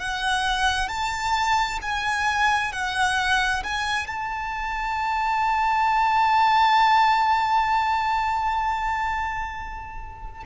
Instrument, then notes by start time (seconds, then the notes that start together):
violin
0.00 F#5
0.88 A5
1.82 G#5
2.72 F#5
3.63 G#5
4.07 A5